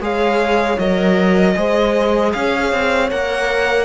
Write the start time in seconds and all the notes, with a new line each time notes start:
0.00 G#3 G#4 C#5 F5
0.78 F#3 A#4 D#5
1.54 G#3 G#4 C5
2.32 C#4 C#5 F5
2.72 C4
3.10 A#3 A#4 F#5